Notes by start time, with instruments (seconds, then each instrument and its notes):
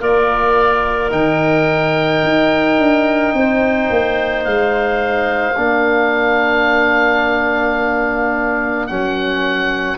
0.00 tuba A#3, trombone F4, clarinet A#4, oboe D5
1.10 tuba D#3, trombone D#4, oboe G5
2.23 tuba D#4
2.78 tuba D4
3.33 tuba C4, clarinet C5
3.90 tuba A#3
4.44 tuba G#3, oboe F5
5.56 tuba A#3, trombone D4, clarinet A#4
8.87 tuba F#3, trombone C#4, oboe F#5